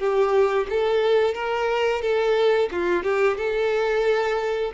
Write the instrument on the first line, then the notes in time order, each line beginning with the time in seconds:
violin
0.00 G4
0.70 A4
1.35 A#4
2.02 A4
2.72 F4
3.04 G4
3.37 A4